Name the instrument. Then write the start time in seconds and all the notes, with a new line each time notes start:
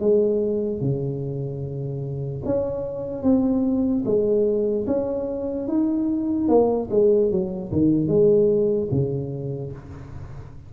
tuba
0.00 G#3
0.81 C#3
2.45 C#4
3.23 C4
4.05 G#3
4.87 C#4
5.68 D#4
6.49 A#3
6.91 G#3
7.31 F#3
7.72 D#3
8.07 G#3
8.91 C#3